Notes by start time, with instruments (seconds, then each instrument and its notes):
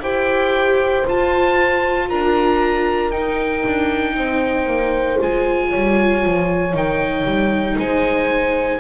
0.00 double bass E4, viola G4, horn C5, oboe G5
1.07 double bass F4, viola F4, oboe A5
2.10 double bass D4, horn A#4, oboe A#5
3.11 double bass D#4, viola D#4, oboe G5
3.66 double bass D4
4.16 double bass C4, horn C5
4.66 double bass A#3
5.20 double bass G#3, viola F4, oboe G#5
5.70 double bass G3, horn C#5
6.26 double bass F3
6.73 double bass D#3, viola D#4, oboe G5
7.25 double bass G3
7.78 double bass G#3, horn C5, oboe G#5